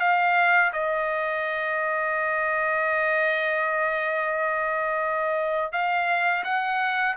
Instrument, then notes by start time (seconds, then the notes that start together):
trumpet
0.00 F5
0.73 D#5
5.72 F5
6.44 F#5